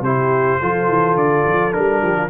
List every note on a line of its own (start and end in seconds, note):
0.00 0.57 C3
0.00 0.62 E4
0.00 0.60 G4
0.00 1.17 C5
0.60 0.88 F3
0.60 1.72 F4
0.60 2.02 A4
0.88 1.15 E3
1.15 1.44 D3
1.15 1.72 D5
1.45 1.74 F3
1.72 2.02 G3
1.72 2.29 D4
1.72 2.29 A#4
2.02 2.30 F3
2.02 2.16 G4
2.16 2.30 F4